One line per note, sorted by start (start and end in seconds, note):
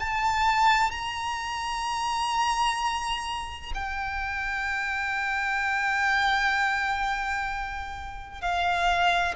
0.00 0.92 A5
0.92 3.73 A#5
3.75 8.42 G5
8.42 9.35 F5